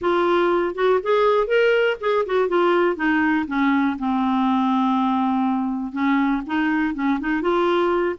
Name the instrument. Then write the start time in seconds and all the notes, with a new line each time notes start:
clarinet
0.01 F4
0.74 F#4
1.02 G#4
1.47 A#4
2.00 G#4
2.25 F#4
2.48 F4
2.95 D#4
3.47 C#4
3.98 C4
5.92 C#4
6.46 D#4
6.94 C#4
7.20 D#4
7.41 F4